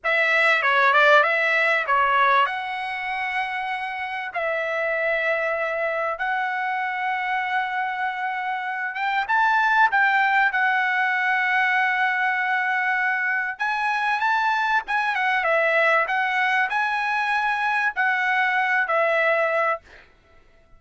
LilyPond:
\new Staff \with { instrumentName = "trumpet" } { \time 4/4 \tempo 4 = 97 e''4 cis''8 d''8 e''4 cis''4 | fis''2. e''4~ | e''2 fis''2~ | fis''2~ fis''8 g''8 a''4 |
g''4 fis''2.~ | fis''2 gis''4 a''4 | gis''8 fis''8 e''4 fis''4 gis''4~ | gis''4 fis''4. e''4. | }